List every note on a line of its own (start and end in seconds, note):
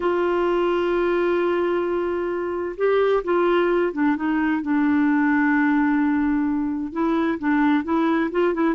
0.00 2.75 F4
2.77 3.23 G4
3.24 3.92 F4
3.92 4.15 D4
4.16 4.62 D#4
4.62 6.92 D4
6.92 7.38 E4
7.38 7.84 D4
7.84 8.30 E4
8.31 8.54 F4
8.54 8.74 E4